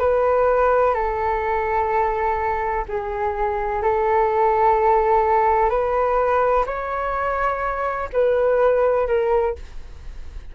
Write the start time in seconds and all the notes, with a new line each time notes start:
0.00 B4
0.94 A4
2.89 G#4
3.83 A4
5.70 B4
6.67 C#5
8.13 B4
9.08 A#4